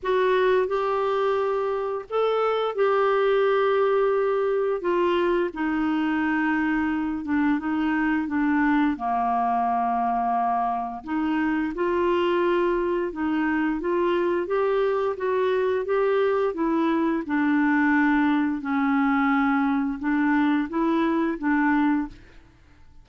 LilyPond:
\new Staff \with { instrumentName = "clarinet" } { \time 4/4 \tempo 4 = 87 fis'4 g'2 a'4 | g'2. f'4 | dis'2~ dis'8 d'8 dis'4 | d'4 ais2. |
dis'4 f'2 dis'4 | f'4 g'4 fis'4 g'4 | e'4 d'2 cis'4~ | cis'4 d'4 e'4 d'4 | }